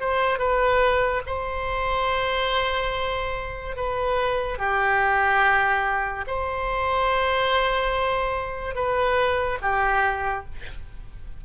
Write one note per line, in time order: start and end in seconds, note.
0.00 0.38 C5
0.38 1.21 B4
1.26 3.76 C5
3.76 4.58 B4
4.58 6.25 G4
6.27 8.75 C5
8.75 9.58 B4
9.61 10.45 G4